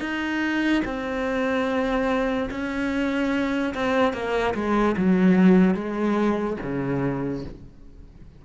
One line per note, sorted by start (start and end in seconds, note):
0.00 0.82 D#4
0.85 2.49 C4
2.51 3.74 C#4
3.74 4.13 C4
4.13 4.54 A#3
4.55 4.96 G#3
4.97 5.75 F#3
5.75 6.57 G#3
6.62 7.45 C#3